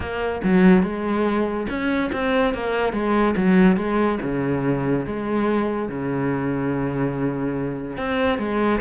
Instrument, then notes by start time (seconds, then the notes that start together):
cello
0.00 A#3
0.43 F#3
0.82 G#3
1.69 C#4
2.12 C4
2.54 A#3
2.92 G#3
3.36 F#3
3.76 G#3
4.22 C#3
5.06 G#3
5.88 C#3
7.97 C4
8.38 G#3